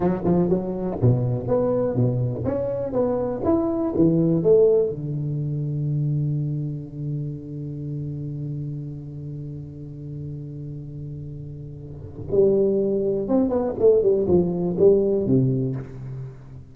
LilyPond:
\new Staff \with { instrumentName = "tuba" } { \time 4/4 \tempo 4 = 122 fis8 f8 fis4 b,4 b4 | b,4 cis'4 b4 e'4 | e4 a4 d2~ | d1~ |
d1~ | d1~ | d4 g2 c'8 b8 | a8 g8 f4 g4 c4 | }